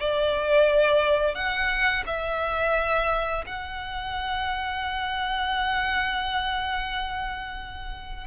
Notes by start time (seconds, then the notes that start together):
0.00 D5
1.34 F#5
2.06 E5
3.46 F#5